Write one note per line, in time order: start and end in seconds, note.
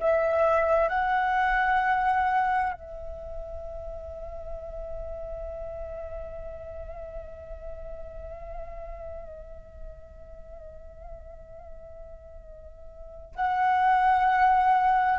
0.00 0.89 E5
0.89 2.73 F#5
2.73 13.34 E5
13.35 15.19 F#5